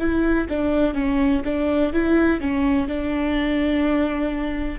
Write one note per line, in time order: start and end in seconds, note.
0.00 0.48 E4
0.49 0.95 D4
0.95 1.43 C#4
1.45 1.93 D4
1.93 2.41 E4
2.41 2.88 C#4
2.88 4.79 D4